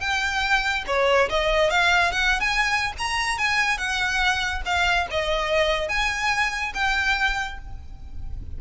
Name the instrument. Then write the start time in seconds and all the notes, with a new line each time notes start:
violin
0.00 G5
0.87 C#5
1.29 D#5
1.70 F5
2.12 F#5
2.40 G#5
2.98 A#5
3.38 G#5
3.78 F#5
4.65 F5
5.11 D#5
5.89 G#5
6.74 G5